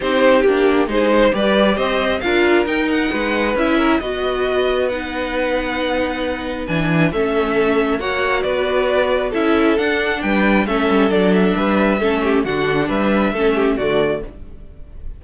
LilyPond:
<<
  \new Staff \with { instrumentName = "violin" } { \time 4/4 \tempo 4 = 135 c''4 g'4 c''4 d''4 | dis''4 f''4 g''8 fis''4. | e''4 dis''2 fis''4~ | fis''2. gis''4 |
e''2 fis''4 d''4~ | d''4 e''4 fis''4 g''4 | e''4 d''8 e''2~ e''8 | fis''4 e''2 d''4 | }
  \new Staff \with { instrumentName = "violin" } { \time 4/4 g'2 gis'8 c''8 b'4 | c''4 ais'2 b'4~ | b'8 ais'8 b'2.~ | b'1 |
a'2 cis''4 b'4~ | b'4 a'2 b'4 | a'2 b'4 a'8 g'8 | fis'4 b'4 a'8 g'8 fis'4 | }
  \new Staff \with { instrumentName = "viola" } { \time 4/4 dis'4 d'4 dis'4 g'4~ | g'4 f'4 dis'2 | e'4 fis'2 dis'4~ | dis'2. d'4 |
cis'2 fis'2~ | fis'4 e'4 d'2 | cis'4 d'2 cis'4 | d'2 cis'4 a4 | }
  \new Staff \with { instrumentName = "cello" } { \time 4/4 c'4 ais4 gis4 g4 | c'4 d'4 dis'4 gis4 | cis'4 b2.~ | b2. e4 |
a2 ais4 b4~ | b4 cis'4 d'4 g4 | a8 g8 fis4 g4 a4 | d4 g4 a4 d4 | }
>>